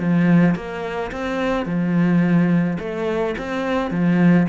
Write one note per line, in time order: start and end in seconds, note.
0.00 0.56 F3
0.56 1.12 A#3
1.12 1.66 C4
1.66 2.78 F3
2.80 3.36 A3
3.38 3.91 C4
3.91 4.47 F3